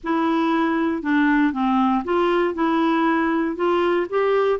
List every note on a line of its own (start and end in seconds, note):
0.03 1.02 E4
1.02 1.52 D4
1.52 2.03 C4
2.04 2.54 F4
2.54 3.55 E4
3.55 4.06 F4
4.09 4.59 G4